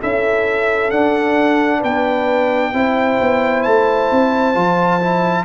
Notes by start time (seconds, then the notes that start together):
0.00 C#4 E4 A4 E5
0.91 D4 F#5
1.80 B3 B4 G5
2.74 C4 E4 C5
3.21 B3
3.63 A3 A5
4.12 C4
4.55 F3 F4
5.01 E4